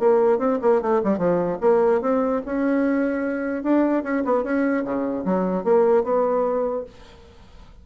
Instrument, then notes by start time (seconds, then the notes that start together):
bassoon
0.00 A#3
0.39 C4
0.62 A#3
0.82 A3
1.04 G3
1.18 F3
1.61 A#3
2.02 C4
2.46 C#4
3.64 D4
4.04 C#4
4.25 B3
4.44 C#4
4.85 C#3
5.25 F#3
5.64 A#3
6.04 B3